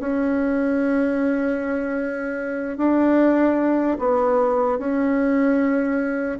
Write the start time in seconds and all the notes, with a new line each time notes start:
0.00 C#4
2.77 D4
3.99 B3
4.79 C#4